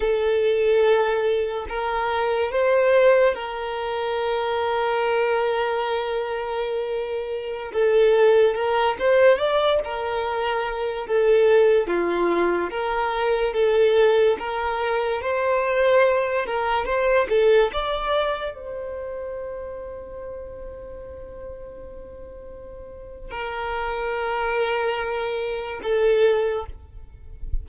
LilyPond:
\new Staff \with { instrumentName = "violin" } { \time 4/4 \tempo 4 = 72 a'2 ais'4 c''4 | ais'1~ | ais'4~ ais'16 a'4 ais'8 c''8 d''8 ais'16~ | ais'4~ ais'16 a'4 f'4 ais'8.~ |
ais'16 a'4 ais'4 c''4. ais'16~ | ais'16 c''8 a'8 d''4 c''4.~ c''16~ | c''1 | ais'2. a'4 | }